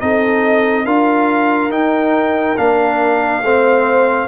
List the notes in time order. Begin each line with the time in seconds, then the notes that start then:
0.00 C4 D#4 A4 D#5
0.84 D4 F4 A#4 F5
1.69 D#4 G5
2.57 A#3 D4 F5
3.42 A3 C4 C5